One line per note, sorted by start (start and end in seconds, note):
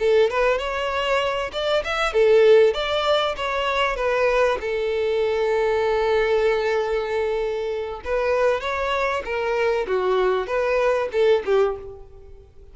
0.00 0.31 A4
0.31 0.59 B4
0.59 1.52 C#5
1.53 1.84 D5
1.85 2.14 E5
2.14 2.74 A4
2.74 3.36 D5
3.37 3.97 C#5
3.97 4.59 B4
4.61 8.02 A4
8.05 8.61 B4
8.61 9.23 C#5
9.25 9.87 A#4
9.88 10.47 F#4
10.47 11.09 B4
11.13 11.44 A4
11.46 11.77 G4